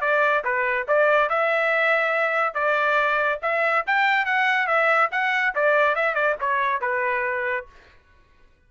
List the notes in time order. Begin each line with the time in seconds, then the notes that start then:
0.00 D5
0.44 B4
0.88 D5
1.29 E5
2.54 D5
3.42 E5
3.86 G5
4.25 F#5
4.67 E5
5.11 F#5
5.55 D5
5.95 E5
6.14 D5
6.40 C#5
6.81 B4